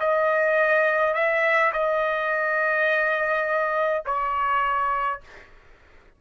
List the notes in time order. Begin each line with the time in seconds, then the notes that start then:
0.00 D#5
1.14 E5
1.73 D#5
4.05 C#5